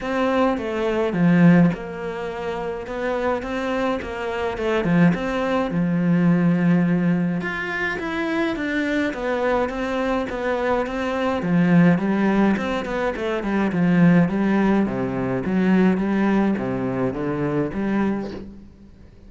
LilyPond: \new Staff \with { instrumentName = "cello" } { \time 4/4 \tempo 4 = 105 c'4 a4 f4 ais4~ | ais4 b4 c'4 ais4 | a8 f8 c'4 f2~ | f4 f'4 e'4 d'4 |
b4 c'4 b4 c'4 | f4 g4 c'8 b8 a8 g8 | f4 g4 c4 fis4 | g4 c4 d4 g4 | }